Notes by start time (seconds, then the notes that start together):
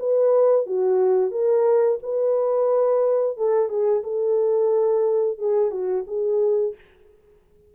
0.00 B4
0.67 F#4
1.31 A#4
2.03 B4
3.38 A4
3.70 G#4
4.04 A4
5.39 G#4
5.72 F#4
6.08 G#4